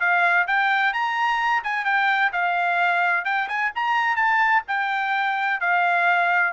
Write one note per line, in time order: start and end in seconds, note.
0.00 0.47 F5
0.47 0.93 G5
0.93 1.63 A#5
1.63 1.85 G#5
1.85 2.32 G5
2.32 3.25 F5
3.25 3.48 G5
3.49 3.72 G#5
3.75 4.16 A#5
4.16 4.62 A5
4.67 5.60 G5
5.60 6.53 F5